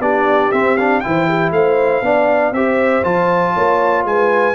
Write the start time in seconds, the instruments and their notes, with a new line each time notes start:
0.00 tuba B3, trombone D4, horn G4, trumpet D5
0.52 tuba C4, trombone C4, trumpet E5
0.77 trombone D4, trumpet F5
1.01 tuba E3, trombone E4, trumpet G5
1.07 horn C5
1.28 horn G4
1.51 tuba A3, horn C5, trumpet F5
2.02 tuba B3, trombone D4, horn D5
2.52 tuba C4, trombone G4, horn C5, trumpet E5
3.04 tuba F3, trombone F4, trumpet A5
3.54 tuba A#3, horn C#5
4.05 tuba G#3, horn B4, trumpet G#5